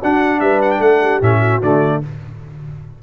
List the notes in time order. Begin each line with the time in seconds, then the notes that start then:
0.00 D4 F#4 F#5
0.41 G3 B4 E5
0.62 F#5
0.71 G5
0.80 A3 A4 F#5
1.01 G4
1.21 A2 C#4 E5
1.40 F#4
1.62 D3 A3 D5